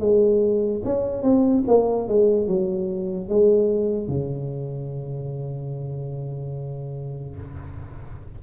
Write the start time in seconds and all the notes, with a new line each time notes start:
0.00 G#3
0.85 C#4
1.23 C4
1.68 A#3
2.08 G#3
2.47 F#3
3.29 G#3
4.08 C#3